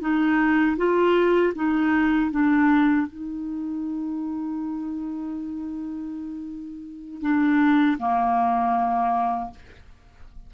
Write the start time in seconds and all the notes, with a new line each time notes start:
0.00 D#4
0.77 F4
1.55 D#4
2.31 D4
3.07 D#4
7.21 D4
7.98 A#3